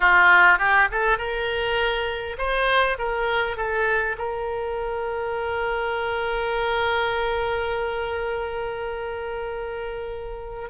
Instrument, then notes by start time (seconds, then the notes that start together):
oboe
0.00 F4
0.58 G4
0.91 A4
1.17 A#4
2.38 C5
2.98 A#4
3.56 A4
4.17 A#4